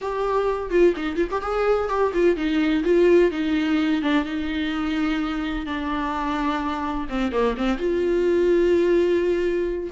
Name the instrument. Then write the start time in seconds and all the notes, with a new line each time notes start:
viola
0.01 G4
0.70 F4
0.96 D#4
1.16 F4
1.31 G4
1.41 G#4
1.89 G4
2.13 F4
2.36 D#4
2.84 F4
3.31 D#4
4.02 D4
4.25 D#4
5.65 D4
7.09 C4
7.32 A#3
7.57 C4
7.77 F4